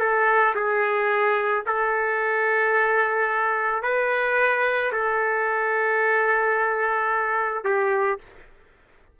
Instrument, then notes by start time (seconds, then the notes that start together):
trumpet
0.00 A4
0.55 G#4
1.67 A4
3.83 B4
4.93 A4
7.65 G4